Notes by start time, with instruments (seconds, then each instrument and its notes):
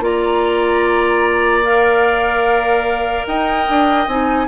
0.00 bassoon A#3, clarinet F4, oboe D5, flute A#5
1.64 clarinet A#4, flute F5
3.27 bassoon D#4, oboe D#5, flute G5
3.69 bassoon D4
4.07 bassoon C4, clarinet D#4, flute G#5